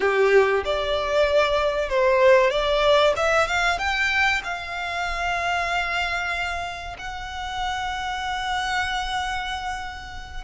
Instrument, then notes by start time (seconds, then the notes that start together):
violin
0.00 G4
0.64 D5
1.89 C5
2.50 D5
3.16 E5
3.47 F5
3.78 G5
4.44 F5
6.98 F#5